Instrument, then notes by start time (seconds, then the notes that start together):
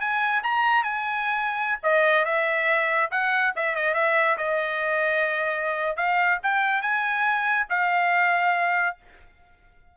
trumpet
0.00 G#5
0.43 A#5
0.83 G#5
1.83 D#5
2.25 E5
3.11 F#5
3.56 E5
3.75 D#5
3.94 E5
4.37 D#5
5.96 F5
6.43 G5
6.82 G#5
7.69 F5